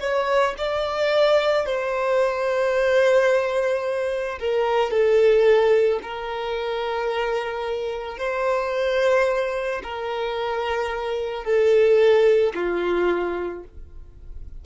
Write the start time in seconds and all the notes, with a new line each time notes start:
0.00 C#5
0.58 D5
1.66 C5
4.39 A#4
4.91 A4
6.02 A#4
8.18 C5
9.83 A#4
11.44 A4
12.55 F4